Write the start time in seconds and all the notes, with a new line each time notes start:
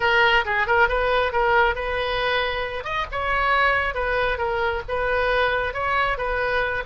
0.00 A#4
0.45 G#4
0.66 A#4
0.88 B4
1.32 A#4
1.75 B4
2.84 D#5
3.11 C#5
3.94 B4
4.38 A#4
4.88 B4
5.73 C#5
6.17 B4